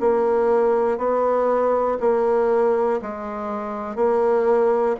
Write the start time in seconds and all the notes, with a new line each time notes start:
0.00 A#3
0.98 B3
2.00 A#3
3.02 G#3
3.96 A#3